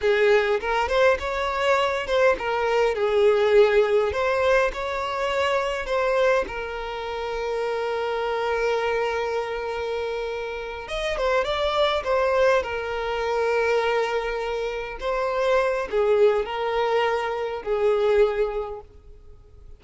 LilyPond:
\new Staff \with { instrumentName = "violin" } { \time 4/4 \tempo 4 = 102 gis'4 ais'8 c''8 cis''4. c''8 | ais'4 gis'2 c''4 | cis''2 c''4 ais'4~ | ais'1~ |
ais'2~ ais'8 dis''8 c''8 d''8~ | d''8 c''4 ais'2~ ais'8~ | ais'4. c''4. gis'4 | ais'2 gis'2 | }